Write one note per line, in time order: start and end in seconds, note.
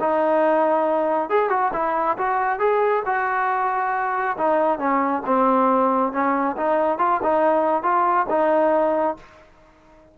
0.00 1.29 D#4
1.29 1.50 G#4
1.50 1.71 F#4
1.73 2.17 E4
2.18 2.59 F#4
2.59 3.03 G#4
3.05 4.37 F#4
4.38 4.79 D#4
4.79 5.22 C#4
5.26 6.12 C4
6.12 6.56 C#4
6.57 6.98 D#4
6.98 7.20 F4
7.22 7.83 D#4
7.83 8.26 F4
8.29 9.17 D#4